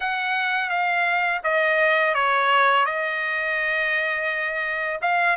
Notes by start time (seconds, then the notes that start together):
0.00 F#5
0.69 F5
1.43 D#5
2.14 C#5
2.85 D#5
5.01 F5